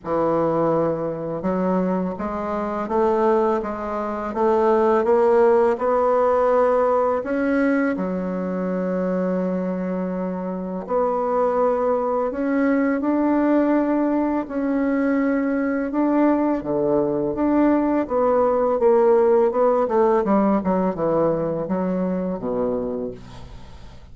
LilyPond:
\new Staff \with { instrumentName = "bassoon" } { \time 4/4 \tempo 4 = 83 e2 fis4 gis4 | a4 gis4 a4 ais4 | b2 cis'4 fis4~ | fis2. b4~ |
b4 cis'4 d'2 | cis'2 d'4 d4 | d'4 b4 ais4 b8 a8 | g8 fis8 e4 fis4 b,4 | }